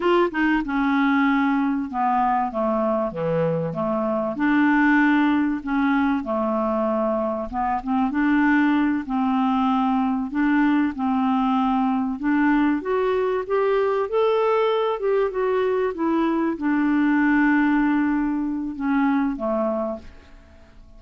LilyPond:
\new Staff \with { instrumentName = "clarinet" } { \time 4/4 \tempo 4 = 96 f'8 dis'8 cis'2 b4 | a4 e4 a4 d'4~ | d'4 cis'4 a2 | b8 c'8 d'4. c'4.~ |
c'8 d'4 c'2 d'8~ | d'8 fis'4 g'4 a'4. | g'8 fis'4 e'4 d'4.~ | d'2 cis'4 a4 | }